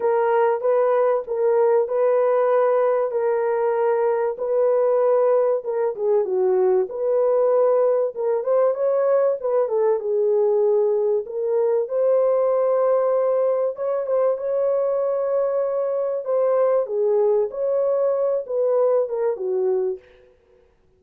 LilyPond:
\new Staff \with { instrumentName = "horn" } { \time 4/4 \tempo 4 = 96 ais'4 b'4 ais'4 b'4~ | b'4 ais'2 b'4~ | b'4 ais'8 gis'8 fis'4 b'4~ | b'4 ais'8 c''8 cis''4 b'8 a'8 |
gis'2 ais'4 c''4~ | c''2 cis''8 c''8 cis''4~ | cis''2 c''4 gis'4 | cis''4. b'4 ais'8 fis'4 | }